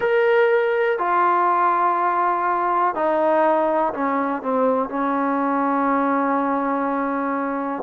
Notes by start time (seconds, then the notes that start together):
0.00 A#4
0.98 F4
2.95 D#4
3.93 C#4
4.42 C4
4.89 C#4